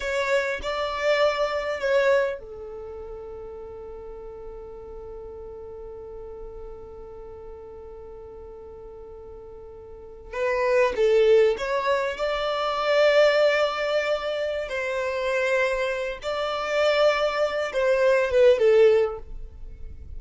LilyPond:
\new Staff \with { instrumentName = "violin" } { \time 4/4 \tempo 4 = 100 cis''4 d''2 cis''4 | a'1~ | a'1~ | a'1~ |
a'4~ a'16 b'4 a'4 cis''8.~ | cis''16 d''2.~ d''8.~ | d''8 c''2~ c''8 d''4~ | d''4. c''4 b'8 a'4 | }